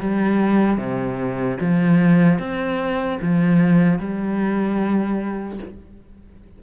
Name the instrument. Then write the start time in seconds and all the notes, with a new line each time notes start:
cello
0.00 G3
0.78 C3
1.60 F3
2.39 C4
3.21 F3
3.99 G3